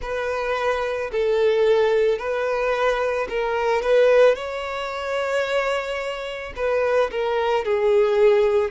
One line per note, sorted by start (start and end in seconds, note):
0.01 1.10 B4
1.12 2.18 A4
2.18 3.27 B4
3.29 3.82 A#4
3.82 4.35 B4
4.35 6.53 C#5
6.56 7.10 B4
7.11 7.64 A#4
7.64 8.70 G#4